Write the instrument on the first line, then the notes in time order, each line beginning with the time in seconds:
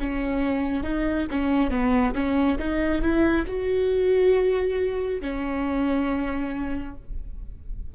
viola
0.00 C#4
0.83 D#4
1.31 C#4
1.71 B3
2.15 C#4
2.58 D#4
3.02 E4
3.48 F#4
5.21 C#4